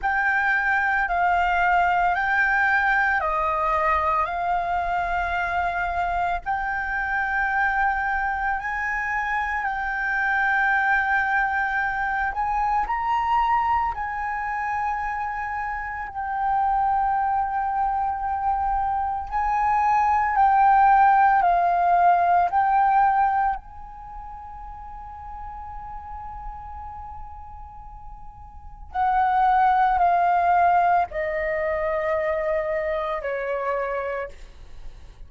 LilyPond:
\new Staff \with { instrumentName = "flute" } { \time 4/4 \tempo 4 = 56 g''4 f''4 g''4 dis''4 | f''2 g''2 | gis''4 g''2~ g''8 gis''8 | ais''4 gis''2 g''4~ |
g''2 gis''4 g''4 | f''4 g''4 gis''2~ | gis''2. fis''4 | f''4 dis''2 cis''4 | }